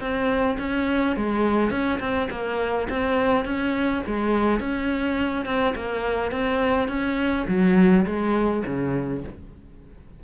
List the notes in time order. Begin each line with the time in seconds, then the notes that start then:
0.00 C4
0.59 C#4
1.16 G#3
1.71 C#4
2.00 C4
2.31 A#3
2.90 C4
3.45 C#4
4.07 G#3
4.60 C#4
5.45 C4
5.76 A#3
6.31 C4
6.88 C#4
7.48 F#3
8.06 G#3
8.66 C#3